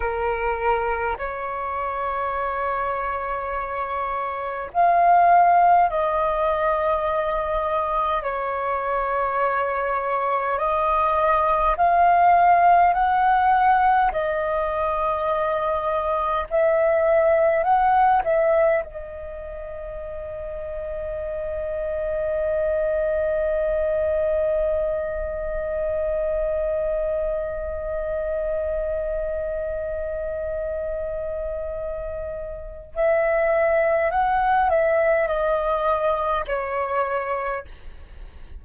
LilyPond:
\new Staff \with { instrumentName = "flute" } { \time 4/4 \tempo 4 = 51 ais'4 cis''2. | f''4 dis''2 cis''4~ | cis''4 dis''4 f''4 fis''4 | dis''2 e''4 fis''8 e''8 |
dis''1~ | dis''1~ | dis''1 | e''4 fis''8 e''8 dis''4 cis''4 | }